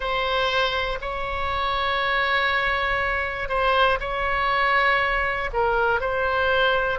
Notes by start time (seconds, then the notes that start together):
0.00 C5
1.00 C#5
3.49 C5
4.00 C#5
5.53 A#4
6.00 C5